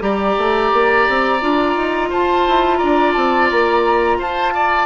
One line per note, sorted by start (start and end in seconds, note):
0.00 0.36 G3
0.00 1.40 G4
0.00 2.09 D5
0.00 2.10 A#5
0.37 0.72 A3
0.73 1.07 A#3
1.08 1.42 C4
1.41 1.76 D4
1.41 4.85 F4
1.76 2.11 D#4
2.09 2.47 F4
2.09 2.78 C5
2.09 2.77 A5
2.47 2.82 E4
2.77 3.16 D4
2.77 4.18 D5
2.77 3.12 A#5
3.13 3.51 C4
3.13 3.48 A5
3.51 4.18 A#3
3.51 4.20 A#5
4.18 4.85 F4
4.18 4.54 C5
4.18 4.85 A5
4.54 4.85 D5